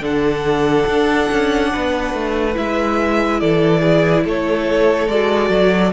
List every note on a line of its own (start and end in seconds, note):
0.00 0.85 D3
0.00 2.54 D4
0.00 1.71 A4
0.00 2.57 F#5
0.87 1.29 D4
1.32 1.74 C#4
1.72 2.14 B3
1.72 3.41 B4
2.14 2.56 A3
2.54 3.42 G#3
2.54 5.08 E4
2.54 3.40 E5
3.40 4.25 E3
3.40 3.82 A4
3.40 4.25 D5
3.82 4.24 G#4
4.24 5.08 A3
4.24 5.93 A4
4.24 5.09 C#5
5.08 5.50 G#3
5.08 5.93 F#4
5.08 5.93 D5
5.50 5.92 F#3